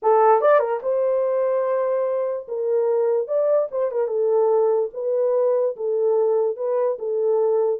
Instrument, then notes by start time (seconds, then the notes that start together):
horn
0.02 A4
0.41 D5
0.59 A#4
0.82 C5
2.48 A#4
3.27 D5
3.71 C5
3.91 A#4
4.07 A4
4.93 B4
5.76 A4
6.56 B4
6.98 A4